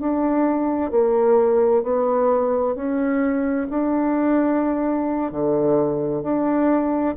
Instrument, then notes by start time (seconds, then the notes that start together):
bassoon
0.00 D4
0.91 A#3
1.83 B3
2.75 C#4
3.70 D4
5.32 D3
6.23 D4